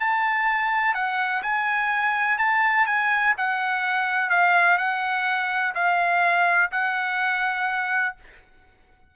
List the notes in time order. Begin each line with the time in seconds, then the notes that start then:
0.00 A5
0.94 F#5
1.43 G#5
2.38 A5
2.86 G#5
3.38 F#5
4.30 F5
4.78 F#5
5.75 F5
6.72 F#5